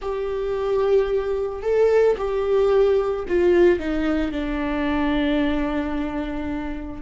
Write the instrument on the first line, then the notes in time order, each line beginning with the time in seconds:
viola
0.01 G4
1.62 A4
2.17 G4
3.28 F4
3.79 D#4
4.31 D4